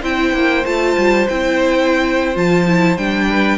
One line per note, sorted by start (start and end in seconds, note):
0.00 0.33 C4
0.00 0.64 E4
0.00 3.25 C5
0.00 0.65 G5
0.33 0.64 A#3
0.65 0.96 A3
0.65 1.27 F4
0.65 1.27 A5
0.97 1.28 G3
1.28 2.35 C4
1.28 2.34 E4
1.28 2.37 G5
2.34 2.97 F3
2.34 2.65 F4
2.34 2.97 A5
2.67 2.97 E4
2.97 3.58 G3
2.97 3.58 D4
2.97 3.58 G5
3.30 3.58 B4